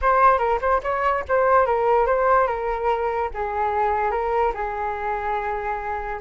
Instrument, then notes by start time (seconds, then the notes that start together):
flute
0.01 C5
0.38 A#4
0.61 C5
0.83 C#5
1.28 C5
1.66 A#4
2.06 C5
2.47 A#4
3.33 G#4
4.11 A#4
4.54 G#4